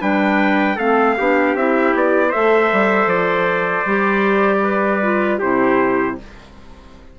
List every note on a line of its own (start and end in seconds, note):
0.00 0.78 G3
0.00 0.77 D4
0.00 0.76 B4
0.00 0.79 G5
0.76 1.16 A3
0.76 1.17 C4
0.76 1.15 A4
0.76 1.56 F5
1.18 1.55 B3
1.18 1.58 D4
1.18 2.29 G4
1.55 1.93 C4
1.55 2.33 E4
1.55 1.95 E5
1.95 2.33 B3
1.95 2.32 D5
2.29 3.87 A4
2.29 4.60 C5
2.29 3.09 E5
2.36 2.73 A3
2.73 3.06 G3
3.06 3.83 F3
3.06 5.40 D5
3.86 5.40 G3
3.86 5.02 G4
4.64 5.39 B4
5.02 5.41 F4
5.39 6.19 C3
5.39 6.18 E4
5.39 6.16 G4
5.39 6.18 C5